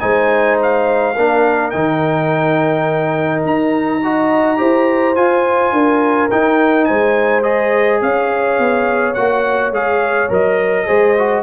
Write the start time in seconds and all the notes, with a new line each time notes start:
0.00 G#3 D#4 C5 G#5
0.62 F5
1.15 A#3 D4 A#4
1.70 D#3 D#4 G5
3.45 D#4 A#5
4.03 F#4 D#5
4.57 E4 G4 C5
5.15 F4 G#5
5.72 D4 A#4
6.30 D#4 G5
6.85 G#3 C5 G#5
7.43 G#4 D#5
8.02 C#4 C#5 F5
8.59 B3
9.14 A#3 F#4 F#5
9.71 G#3 G#4 F5
10.29 F#3 A#4 D#5
10.86 G#3 G#4 C5
11.18 F#4